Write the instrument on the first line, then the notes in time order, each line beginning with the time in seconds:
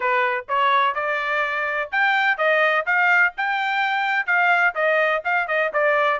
trumpet
0.00 B4
0.48 C#5
0.94 D5
1.91 G5
2.37 D#5
2.86 F5
3.37 G5
4.26 F5
4.74 D#5
5.24 F5
5.47 D#5
5.73 D5